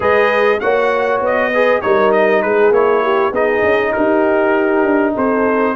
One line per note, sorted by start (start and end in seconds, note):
0.00 0.59 G#3
0.00 0.58 G#4
0.00 0.60 B4
0.00 0.60 D#5
0.60 1.20 A#3
0.60 1.53 F#4
0.60 1.52 C#5
0.60 1.20 F#5
1.20 1.81 B3
1.20 1.81 D#5
1.53 1.82 G#4
1.53 1.83 B4
1.81 2.44 G3
1.81 2.72 D#4
1.81 2.43 A#4
1.81 2.11 C#5
2.11 2.42 D#5
2.42 2.70 G#3
2.42 3.03 G#4
2.42 2.72 B4
2.70 3.30 A#3
2.70 3.33 E4
2.70 3.34 C#5
3.03 3.31 G4
3.31 3.61 B3
3.31 5.76 D#4
3.31 3.92 G#4
3.31 3.92 D#5
3.63 3.93 C#4
3.92 4.84 D#4
3.92 5.14 G4
3.92 5.13 A#4
4.84 5.15 D4
5.14 5.76 C4
5.14 5.75 A4
5.14 5.76 C5